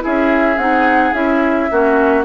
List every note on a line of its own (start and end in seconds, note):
0.00 0.56 E4
0.00 1.71 G#4
0.00 0.59 E5
0.06 0.57 C#4
0.57 1.13 C4
0.57 1.14 D#4
0.57 1.14 F#5
1.14 1.70 C#4
1.14 1.69 E4
1.14 2.25 E5
1.71 2.25 A#3
1.71 2.25 C#4
1.71 2.25 F#4